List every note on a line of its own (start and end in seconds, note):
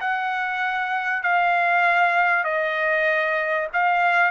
0.00 1.22 F#5
1.22 2.44 F5
2.44 3.68 D#5
3.73 4.31 F5